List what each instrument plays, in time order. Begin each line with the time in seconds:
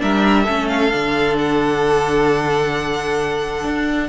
0.00 cello G3, viola D4, violin A#4 E5
0.44 cello A3, viola C#4, violin A4
0.68 violin F5
0.91 cello D3, viola D4
1.39 violin F#5
3.65 cello D4